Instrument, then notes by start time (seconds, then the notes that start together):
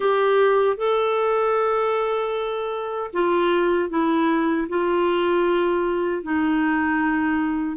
clarinet
0.00 G4
0.77 A4
3.13 F4
3.89 E4
4.68 F4
6.22 D#4